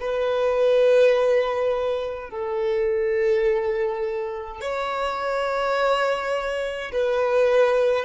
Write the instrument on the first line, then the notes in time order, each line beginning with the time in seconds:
violin
0.00 B4
2.30 A4
4.61 C#5
6.92 B4